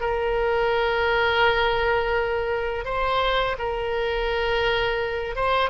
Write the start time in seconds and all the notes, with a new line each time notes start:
0.00 A#4
2.84 C5
3.58 A#4
5.35 C5